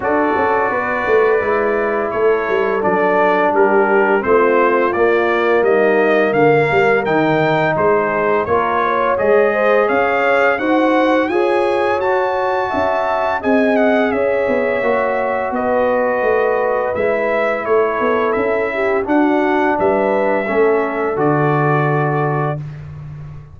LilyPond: <<
  \new Staff \with { instrumentName = "trumpet" } { \time 4/4 \tempo 4 = 85 d''2. cis''4 | d''4 ais'4 c''4 d''4 | dis''4 f''4 g''4 c''4 | cis''4 dis''4 f''4 fis''4 |
gis''4 a''2 gis''8 fis''8 | e''2 dis''2 | e''4 cis''4 e''4 fis''4 | e''2 d''2 | }
  \new Staff \with { instrumentName = "horn" } { \time 4/4 a'4 b'2 a'4~ | a'4 g'4 f'2 | dis'4 ais'2 gis'4 | ais'8 cis''4 c''8 cis''4 c''4 |
cis''2 e''4 dis''4 | cis''2 b'2~ | b'4 a'4. g'8 fis'4 | b'4 a'2. | }
  \new Staff \with { instrumentName = "trombone" } { \time 4/4 fis'2 e'2 | d'2 c'4 ais4~ | ais2 dis'2 | f'4 gis'2 fis'4 |
gis'4 fis'2 gis'4~ | gis'4 fis'2. | e'2. d'4~ | d'4 cis'4 fis'2 | }
  \new Staff \with { instrumentName = "tuba" } { \time 4/4 d'8 cis'8 b8 a8 gis4 a8 g8 | fis4 g4 a4 ais4 | g4 d8 g8 dis4 gis4 | ais4 gis4 cis'4 dis'4 |
f'4 fis'4 cis'4 c'4 | cis'8 b8 ais4 b4 a4 | gis4 a8 b8 cis'4 d'4 | g4 a4 d2 | }
>>